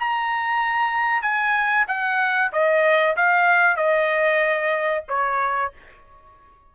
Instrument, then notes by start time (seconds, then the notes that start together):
trumpet
0.00 A#5
1.22 G#5
1.88 F#5
2.53 D#5
3.17 F5
3.77 D#5
5.09 C#5